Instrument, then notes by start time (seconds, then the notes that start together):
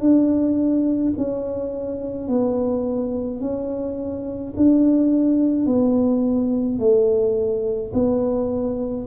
tuba
0.00 D4
1.17 C#4
2.28 B3
3.40 C#4
4.56 D4
5.66 B3
6.79 A3
7.93 B3